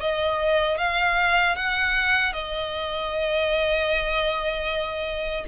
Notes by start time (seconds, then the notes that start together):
0.00 D#5
0.78 F5
1.56 F#5
2.33 D#5